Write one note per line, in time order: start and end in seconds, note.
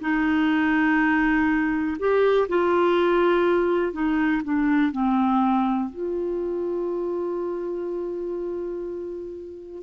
0.00 1.97 D#4
1.99 2.48 G4
2.48 3.92 F4
3.92 4.41 D#4
4.44 4.91 D4
4.91 5.89 C4
5.89 9.82 F4